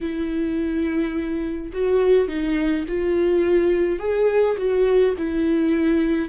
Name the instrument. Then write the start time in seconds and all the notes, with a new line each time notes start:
viola
0.00 E4
1.72 F#4
2.28 D#4
2.88 F4
3.99 G#4
4.57 F#4
5.17 E4